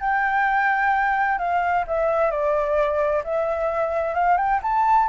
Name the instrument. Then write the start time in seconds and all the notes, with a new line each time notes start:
flute
0.00 G5
1.38 F5
1.87 E5
2.30 D5
3.24 E5
4.14 F5
4.37 G5
4.62 A5